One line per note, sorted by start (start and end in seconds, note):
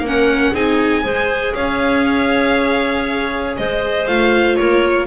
0.00 0.50 A#3
0.00 0.52 A#4
0.06 0.54 C#4
0.06 0.55 F#5
0.52 1.03 C4
0.52 1.03 D#4
0.52 1.02 G#4
0.52 1.54 G#5
1.03 1.54 G#3
1.03 4.06 G#4
1.03 1.53 C5
1.54 3.57 C#4
1.54 3.57 C#5
1.54 3.55 F5
3.57 4.07 G#3
3.57 4.58 C5
3.57 4.07 D#5
4.07 4.58 A3
4.07 5.06 F4
4.07 4.55 F5
4.55 5.06 A#3
4.55 5.06 A#4
4.55 5.06 C#5